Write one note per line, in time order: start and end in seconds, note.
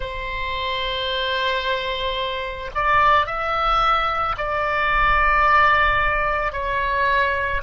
0.00 2.70 C5
2.74 3.26 D5
3.26 4.35 E5
4.37 6.52 D5
6.52 7.61 C#5